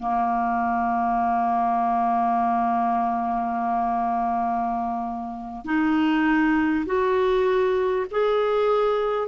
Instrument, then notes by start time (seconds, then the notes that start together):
clarinet
0.00 A#3
5.65 D#4
6.86 F#4
8.11 G#4